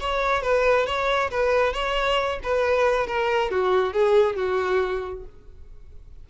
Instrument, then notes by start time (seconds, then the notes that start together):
violin
0.00 C#5
0.43 B4
0.86 C#5
1.31 B4
1.73 C#5
2.43 B4
3.07 A#4
3.51 F#4
3.93 G#4
4.36 F#4